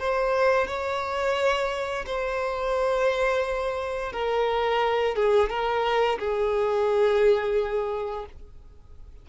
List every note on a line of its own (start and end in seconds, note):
0.00 0.67 C5
0.67 2.05 C#5
2.07 4.13 C5
4.13 5.16 A#4
5.16 5.50 G#4
5.50 6.19 A#4
6.19 8.26 G#4